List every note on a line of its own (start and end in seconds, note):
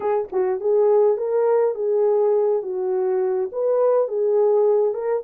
0.00 0.28 G#4
0.32 0.60 F#4
0.60 1.17 G#4
1.17 1.74 A#4
1.74 2.62 G#4
2.62 3.50 F#4
3.52 4.08 B4
4.08 4.94 G#4
4.94 5.23 A#4